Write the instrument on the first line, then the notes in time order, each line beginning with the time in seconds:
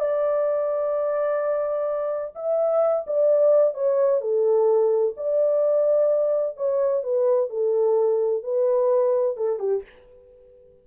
horn
0.00 D5
2.35 E5
3.07 D5
3.74 C#5
4.21 A4
5.17 D5
6.57 C#5
7.03 B4
7.50 A4
8.44 B4
9.37 A4
9.59 G4